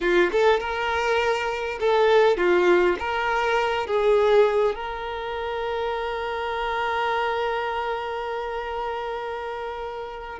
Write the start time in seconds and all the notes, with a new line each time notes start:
0.01 F4
0.31 A4
0.59 A#4
1.80 A4
2.37 F4
2.99 A#4
3.86 G#4
4.75 A#4